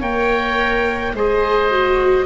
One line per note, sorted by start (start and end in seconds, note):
0.00 1.13 A#3
0.00 1.15 A#4
0.00 1.13 C#5
0.00 1.15 G5
1.13 2.26 G#3
1.13 1.71 G#4
1.13 2.26 C5
1.13 2.26 D#5
1.71 2.26 F#4